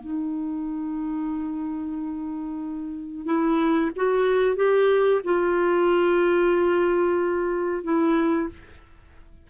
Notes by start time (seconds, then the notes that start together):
0.00 D#4
3.25 E4
3.96 F#4
4.56 G4
5.24 F4
7.83 E4